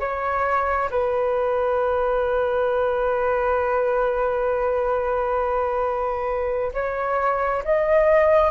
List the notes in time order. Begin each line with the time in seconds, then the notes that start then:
0.00 C#5
0.90 B4
6.74 C#5
7.64 D#5